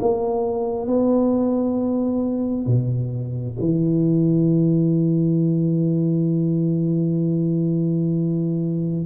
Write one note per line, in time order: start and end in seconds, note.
0.00 0.87 A#3
0.87 2.67 B3
2.67 3.57 B2
3.60 9.06 E3